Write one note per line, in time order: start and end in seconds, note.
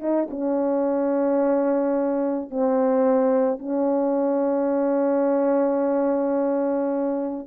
0.00 0.28 D#4
0.31 2.51 C#4
2.51 3.59 C4
3.59 7.47 C#4